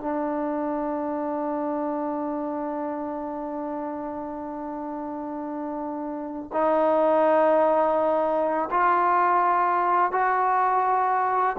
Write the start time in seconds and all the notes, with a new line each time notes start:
0.00 D4
6.53 D#4
8.71 F4
10.12 F#4